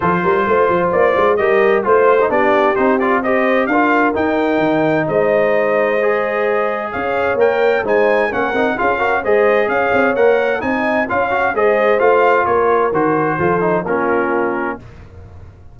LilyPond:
<<
  \new Staff \with { instrumentName = "trumpet" } { \time 4/4 \tempo 4 = 130 c''2 d''4 dis''4 | c''4 d''4 c''8 d''8 dis''4 | f''4 g''2 dis''4~ | dis''2. f''4 |
g''4 gis''4 fis''4 f''4 | dis''4 f''4 fis''4 gis''4 | f''4 dis''4 f''4 cis''4 | c''2 ais'2 | }
  \new Staff \with { instrumentName = "horn" } { \time 4/4 a'8 ais'8 c''2 ais'4 | c''4 g'2 c''4 | ais'2. c''4~ | c''2. cis''4~ |
cis''4 c''4 ais'4 gis'8 ais'8 | c''4 cis''2 dis''4 | cis''4 c''2 ais'4~ | ais'4 a'4 f'2 | }
  \new Staff \with { instrumentName = "trombone" } { \time 4/4 f'2. g'4 | f'8. dis'16 d'4 dis'8 f'8 g'4 | f'4 dis'2.~ | dis'4 gis'2. |
ais'4 dis'4 cis'8 dis'8 f'8 fis'8 | gis'2 ais'4 dis'4 | f'8 fis'8 gis'4 f'2 | fis'4 f'8 dis'8 cis'2 | }
  \new Staff \with { instrumentName = "tuba" } { \time 4/4 f8 g8 a8 f8 ais8 gis8 g4 | a4 b4 c'2 | d'4 dis'4 dis4 gis4~ | gis2. cis'4 |
ais4 gis4 ais8 c'8 cis'4 | gis4 cis'8 c'8 ais4 c'4 | cis'4 gis4 a4 ais4 | dis4 f4 ais2 | }
>>